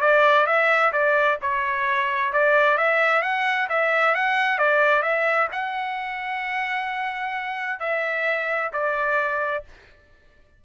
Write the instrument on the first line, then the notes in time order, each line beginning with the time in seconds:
trumpet
0.00 D5
0.46 E5
0.92 D5
1.41 C#5
2.32 D5
2.77 E5
3.22 F#5
3.69 E5
4.15 F#5
4.58 D5
5.02 E5
5.51 F#5
7.79 E5
8.73 D5